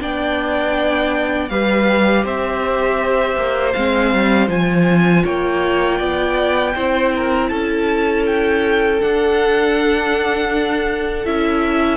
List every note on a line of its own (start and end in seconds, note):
0.00 1.50 B3
0.00 1.50 D4
0.00 1.51 D5
0.00 1.49 G5
1.49 2.25 G3
1.49 3.75 G4
1.49 2.25 B4
1.49 2.24 F5
2.25 3.36 C4
2.25 5.24 C5
2.25 3.73 E5
3.36 3.74 A#3
3.73 4.14 G#3
3.73 4.48 C4
3.73 4.48 F5
4.14 4.48 G3
4.48 5.23 F3
4.48 6.73 F4
4.48 5.25 G#5
5.24 6.00 A#3
5.24 5.98 C#5
5.24 7.48 G5
5.98 6.75 B3
5.98 6.73 D5
6.75 7.51 C4
6.75 9.01 E4
6.75 7.12 C5
7.16 7.50 A#4
7.48 9.01 C#4
7.48 11.98 A4
7.48 8.23 A5
8.27 9.02 G5
9.01 11.26 D4
9.01 11.26 F#5
11.26 11.98 C#4
11.26 11.98 E4
11.26 11.98 E5